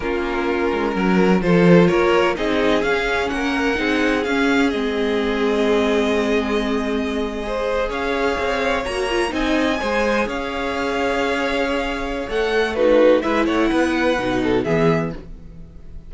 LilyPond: <<
  \new Staff \with { instrumentName = "violin" } { \time 4/4 \tempo 4 = 127 ais'2. c''4 | cis''4 dis''4 f''4 fis''4~ | fis''4 f''4 dis''2~ | dis''1~ |
dis''8. f''2 ais''4 gis''16~ | gis''4.~ gis''16 f''2~ f''16~ | f''2 fis''4 b'4 | e''8 fis''2~ fis''8 e''4 | }
  \new Staff \with { instrumentName = "violin" } { \time 4/4 f'2 ais'4 a'4 | ais'4 gis'2 ais'4 | gis'1~ | gis'2.~ gis'8. c''16~ |
c''8. cis''2. dis''16~ | dis''8. c''4 cis''2~ cis''16~ | cis''2. fis'4 | b'8 cis''8 b'4. a'8 gis'4 | }
  \new Staff \with { instrumentName = "viola" } { \time 4/4 cis'2. f'4~ | f'4 dis'4 cis'2 | dis'4 cis'4 c'2~ | c'2.~ c'8. gis'16~ |
gis'2~ gis'8. fis'8 f'8 dis'16~ | dis'8. gis'2.~ gis'16~ | gis'2 a'4 dis'4 | e'2 dis'4 b4 | }
  \new Staff \with { instrumentName = "cello" } { \time 4/4 ais4. gis8 fis4 f4 | ais4 c'4 cis'4 ais4 | c'4 cis'4 gis2~ | gis1~ |
gis8. cis'4 c'4 ais4 c'16~ | c'8. gis4 cis'2~ cis'16~ | cis'2 a2 | gis8 a8 b4 b,4 e4 | }
>>